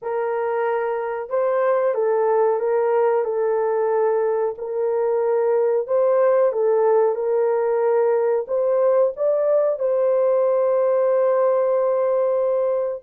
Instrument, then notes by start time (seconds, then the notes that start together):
horn
0.02 A#4
1.29 C5
1.94 A4
2.59 A#4
3.24 A4
4.58 A#4
5.87 C5
6.52 A4
7.15 A#4
8.47 C5
9.16 D5
9.79 C5